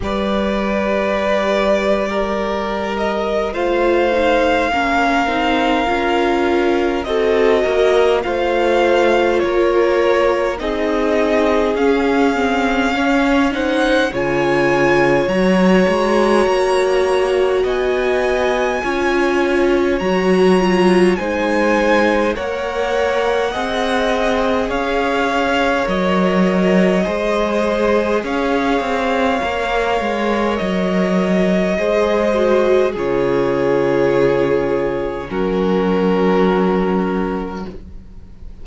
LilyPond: <<
  \new Staff \with { instrumentName = "violin" } { \time 4/4 \tempo 4 = 51 d''2~ d''8 dis''8 f''4~ | f''2 dis''4 f''4 | cis''4 dis''4 f''4. fis''8 | gis''4 ais''2 gis''4~ |
gis''4 ais''4 gis''4 fis''4~ | fis''4 f''4 dis''2 | f''2 dis''2 | cis''2 ais'2 | }
  \new Staff \with { instrumentName = "violin" } { \time 4/4 b'4.~ b'16 ais'4~ ais'16 c''4 | ais'2 a'8 ais'8 c''4 | ais'4 gis'2 cis''8 c''8 | cis''2. dis''4 |
cis''2 c''4 cis''4 | dis''4 cis''2 c''4 | cis''2. c''4 | gis'2 fis'2 | }
  \new Staff \with { instrumentName = "viola" } { \time 4/4 g'2. f'8 dis'8 | cis'8 dis'8 f'4 fis'4 f'4~ | f'4 dis'4 cis'8 c'8 cis'8 dis'8 | f'4 fis'2. |
f'4 fis'8 f'8 dis'4 ais'4 | gis'2 ais'4 gis'4~ | gis'4 ais'2 gis'8 fis'8 | f'2 cis'2 | }
  \new Staff \with { instrumentName = "cello" } { \time 4/4 g2. a4 | ais8 c'8 cis'4 c'8 ais8 a4 | ais4 c'4 cis'2 | cis4 fis8 gis8 ais4 b4 |
cis'4 fis4 gis4 ais4 | c'4 cis'4 fis4 gis4 | cis'8 c'8 ais8 gis8 fis4 gis4 | cis2 fis2 | }
>>